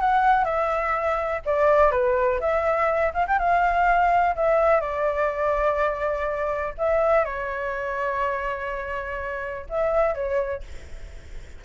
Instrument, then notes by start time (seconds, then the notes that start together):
flute
0.00 F#5
0.44 E5
1.45 D5
1.91 B4
2.40 E5
3.13 F5
3.27 G5
3.38 F5
4.35 E5
4.80 D5
6.77 E5
7.24 C#5
9.69 E5
10.14 C#5